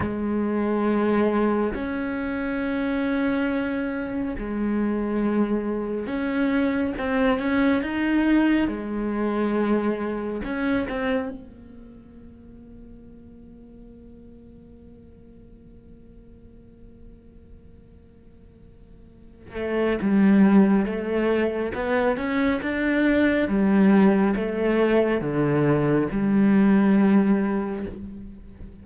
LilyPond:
\new Staff \with { instrumentName = "cello" } { \time 4/4 \tempo 4 = 69 gis2 cis'2~ | cis'4 gis2 cis'4 | c'8 cis'8 dis'4 gis2 | cis'8 c'8 ais2.~ |
ais1~ | ais2~ ais8 a8 g4 | a4 b8 cis'8 d'4 g4 | a4 d4 g2 | }